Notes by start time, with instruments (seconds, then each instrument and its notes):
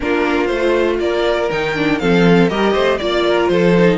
0.00 cello A#3, viola D4, violin F4 A#4
0.46 cello A3, viola F4, violin C5
0.99 cello A#3, violin A#4 D5
1.51 cello D#3, viola D#4, violin G5
1.76 viola D4
1.98 cello F3, viola C4, violin A4 F5
2.48 cello G3, viola G4, violin A#4 D#5
2.73 cello A3, violin C5
2.97 cello A#3, viola F4, violin D5
3.26 violin A#4
3.47 cello F3, violin A4 C5
3.78 viola D#4